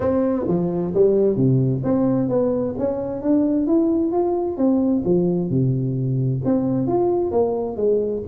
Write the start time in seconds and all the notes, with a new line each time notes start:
0.00 C4
0.47 F3
0.94 G3
1.36 C3
1.83 C4
2.29 B3
2.78 C#4
3.22 D4
3.66 E4
4.12 F4
4.57 C4
5.04 F3
5.49 C3
6.45 C4
6.87 F4
7.31 A#3
7.76 G#3